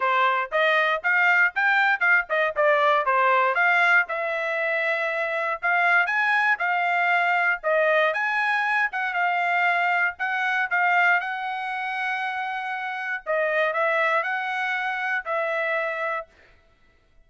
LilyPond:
\new Staff \with { instrumentName = "trumpet" } { \time 4/4 \tempo 4 = 118 c''4 dis''4 f''4 g''4 | f''8 dis''8 d''4 c''4 f''4 | e''2. f''4 | gis''4 f''2 dis''4 |
gis''4. fis''8 f''2 | fis''4 f''4 fis''2~ | fis''2 dis''4 e''4 | fis''2 e''2 | }